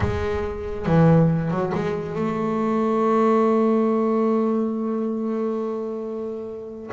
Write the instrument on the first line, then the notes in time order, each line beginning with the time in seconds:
double bass
0.00 G#3
0.86 E3
1.50 F#3
1.74 G#3
2.15 A3